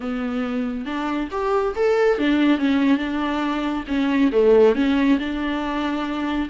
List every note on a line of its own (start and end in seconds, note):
0.00 0.85 B3
0.85 1.29 D4
1.31 1.74 G4
1.75 2.18 A4
2.18 2.58 D4
2.58 2.97 C#4
2.97 3.84 D4
3.87 4.30 C#4
4.32 4.75 A3
4.75 5.18 C#4
5.19 6.48 D4